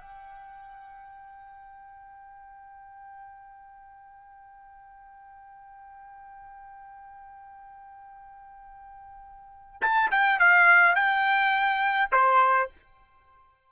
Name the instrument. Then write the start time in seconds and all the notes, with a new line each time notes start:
trumpet
0.00 G5
9.82 A5
10.11 G5
10.40 F5
10.95 G5
12.12 C5